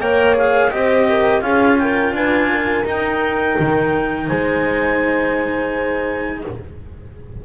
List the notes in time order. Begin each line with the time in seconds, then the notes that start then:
0.00 A#3 A#4 C#5 G5
0.34 G#4 F5
0.71 C4 G4 C5 D#5
1.09 A#4
1.41 C#4 F4 G#4 F5
1.78 A#4 G5
2.12 D4 B4 G#5
2.51 A#4
2.85 D#4 G5
3.60 D#3
4.27 G#3 C5 G#5